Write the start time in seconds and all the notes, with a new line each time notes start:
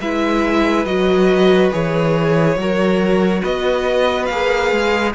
0.00 G#3 E4 B4 E5
0.86 F#3 F#4 D#5
1.72 E3 G#4 C#5
2.57 F#3 F#4 A#4
3.42 B3 B4 D#5
4.26 A#3 G#4 F5
4.72 G#3